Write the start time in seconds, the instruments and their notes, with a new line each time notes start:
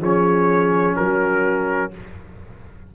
0.00 tuba F3, trombone C#4, horn G#4, trumpet C#5
0.96 tuba F#3, horn F#4, trumpet A#4